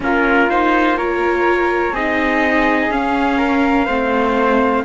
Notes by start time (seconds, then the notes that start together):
0.00 A#3 C#4 F4 A#4
0.50 D#4 C5
0.96 F4 A#4 C#5
1.92 C4 D#4 G#4 D#5
2.90 C#4 F5
3.37 A#4
3.85 A3 C4 C5